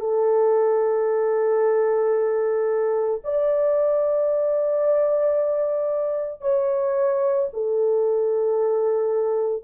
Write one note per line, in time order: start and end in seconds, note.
0.00 3.21 A4
3.24 6.41 D5
6.41 7.49 C#5
7.53 9.63 A4